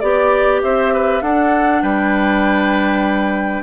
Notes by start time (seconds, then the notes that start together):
0.00 B3 G4 D5
0.62 C4 C5 E5
0.94 B4
1.21 D4 A4 F#5
1.82 G3 B4 G5